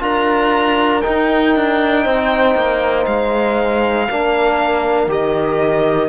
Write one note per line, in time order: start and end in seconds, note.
0.00 1.03 D4
0.00 1.02 F4
0.00 2.04 A#4
0.00 1.02 A#5
1.02 4.09 D#4
1.02 1.56 D#4
1.02 3.05 G5
1.56 2.06 D4
2.04 2.55 C4
2.04 4.07 C5
2.55 3.06 A#3
3.06 4.08 G#3
3.06 5.09 F5
4.09 5.07 A#3
4.09 5.09 D4
4.09 6.09 A#4
5.07 6.09 D#3
5.07 6.09 G4
5.07 6.09 D#5